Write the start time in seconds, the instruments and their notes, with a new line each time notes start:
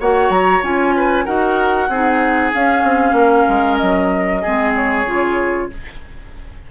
0.00 bassoon A#3, clarinet F#4, oboe C#5, flute F#5
0.29 bassoon F#3, flute A#5
0.62 bassoon C#4, clarinet F4, flute G#5
0.96 oboe B4
1.25 bassoon D#4, clarinet F#4, oboe A#4, flute F#5
1.89 bassoon C4, clarinet D#4, oboe G#4
2.53 clarinet C#4, bassoon C#4, flute F5
2.83 bassoon C4
3.12 bassoon A#3, oboe A#4
3.49 bassoon G#3
3.77 bassoon F#3, flute D#5
4.42 bassoon G#3, clarinet C4, oboe G#4
4.76 flute C#5
5.06 bassoon C#3, clarinet F4